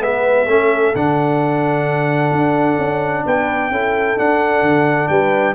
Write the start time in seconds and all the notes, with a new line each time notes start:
0.00 G#3 B3 B4 E5
0.47 A3 C#4 A4
0.95 D3 D4 F#5
2.32 D4
2.78 C#4
3.25 B3 B4 G5
3.70 C#4 E4 A4
4.18 D4 F#5
4.62 D3
5.08 G3 B4 G5